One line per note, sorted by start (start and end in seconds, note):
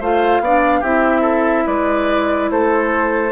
0.00 0.40 A3
0.00 0.43 F4
0.00 0.42 C5
0.00 0.84 F5
0.40 0.82 B3
0.40 0.84 D4
0.40 0.80 D5
0.80 1.66 C4
0.80 3.31 E4
0.80 1.21 G4
0.80 1.67 E5
1.22 1.63 A4
1.67 2.50 G#3
1.67 2.50 B4
1.67 2.50 D5
2.50 3.31 A3
2.50 3.31 A4
2.50 3.31 C5